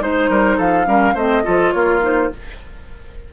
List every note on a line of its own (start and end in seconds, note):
0.00 0.29 G#3
0.00 0.85 D#4
0.00 0.30 C5
0.00 0.60 C5
0.30 0.59 G3
0.30 0.57 A#4
0.57 0.87 F3
0.57 0.86 A4
0.57 1.17 F5
0.85 1.15 G3
0.85 1.14 C#4
0.85 1.14 A#4
1.14 1.44 A3
1.14 1.44 C4
1.14 1.43 C5
1.14 1.72 D#5
1.44 1.74 F3
1.44 2.01 F4
1.44 1.74 A4
1.72 2.32 A#3
1.72 2.32 F4
1.72 2.01 C#5
2.01 2.30 D#4
2.01 2.33 C5